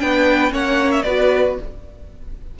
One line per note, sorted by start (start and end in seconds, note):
0.00 0.52 B3
0.00 0.50 D4
0.00 0.53 B4
0.00 0.53 G5
0.50 1.05 A#3
0.50 1.03 C#4
0.50 1.05 C#5
0.50 0.92 F#5
0.92 1.03 E5
1.03 1.58 B3
1.03 1.60 F#4
1.03 1.58 B4
1.03 1.55 D5